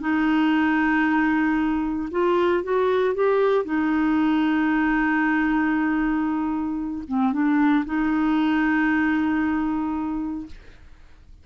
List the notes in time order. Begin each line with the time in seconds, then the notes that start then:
0.00 D#4
2.11 F4
2.63 F#4
3.14 G4
3.64 D#4
7.08 C4
7.32 D4
7.85 D#4